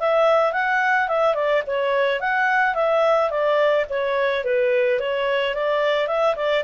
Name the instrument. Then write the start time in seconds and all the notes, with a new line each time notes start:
clarinet
0.00 E5
0.53 F#5
1.09 E5
1.35 D5
1.67 C#5
2.20 F#5
2.74 E5
3.30 D5
3.90 C#5
4.44 B4
5.00 C#5
5.55 D5
6.08 E5
6.36 D5